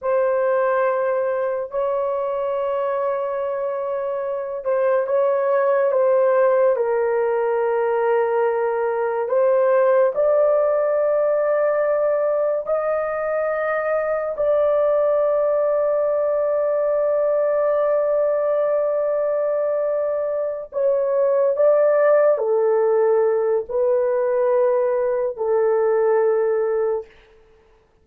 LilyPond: \new Staff \with { instrumentName = "horn" } { \time 4/4 \tempo 4 = 71 c''2 cis''2~ | cis''4. c''8 cis''4 c''4 | ais'2. c''4 | d''2. dis''4~ |
dis''4 d''2.~ | d''1~ | d''8 cis''4 d''4 a'4. | b'2 a'2 | }